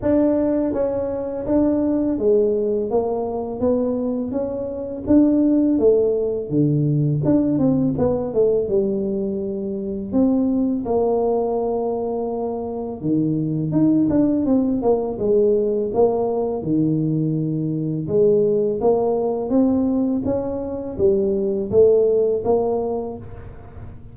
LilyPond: \new Staff \with { instrumentName = "tuba" } { \time 4/4 \tempo 4 = 83 d'4 cis'4 d'4 gis4 | ais4 b4 cis'4 d'4 | a4 d4 d'8 c'8 b8 a8 | g2 c'4 ais4~ |
ais2 dis4 dis'8 d'8 | c'8 ais8 gis4 ais4 dis4~ | dis4 gis4 ais4 c'4 | cis'4 g4 a4 ais4 | }